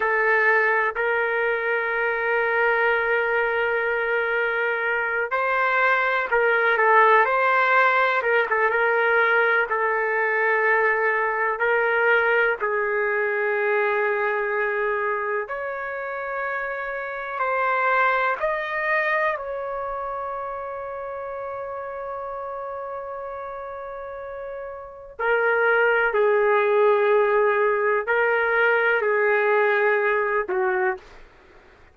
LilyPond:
\new Staff \with { instrumentName = "trumpet" } { \time 4/4 \tempo 4 = 62 a'4 ais'2.~ | ais'4. c''4 ais'8 a'8 c''8~ | c''8 ais'16 a'16 ais'4 a'2 | ais'4 gis'2. |
cis''2 c''4 dis''4 | cis''1~ | cis''2 ais'4 gis'4~ | gis'4 ais'4 gis'4. fis'8 | }